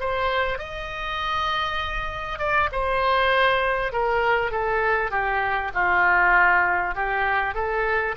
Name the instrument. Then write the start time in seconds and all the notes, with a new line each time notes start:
oboe
0.00 C5
0.58 D#5
2.39 D5
2.72 C5
3.93 A#4
4.51 A4
5.11 G4
5.74 F4
6.95 G4
7.55 A4